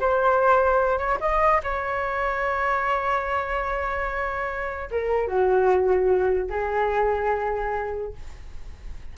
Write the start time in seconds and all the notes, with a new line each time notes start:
0.00 C5
0.98 C#5
1.20 D#5
1.63 C#5
4.91 A#4
5.27 F#4
6.50 G#4